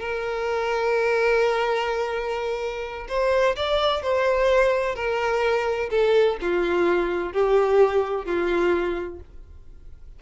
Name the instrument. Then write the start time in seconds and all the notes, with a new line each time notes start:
violin
0.00 A#4
3.08 C5
3.56 D5
4.02 C5
4.95 A#4
5.90 A4
6.41 F4
7.33 G4
8.25 F4